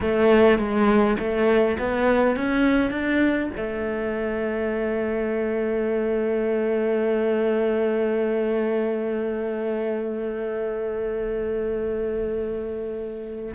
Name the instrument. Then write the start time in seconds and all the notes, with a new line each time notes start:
cello
0.00 A3
0.58 G#3
1.18 A3
1.79 B3
2.36 C#4
2.90 D4
3.56 A3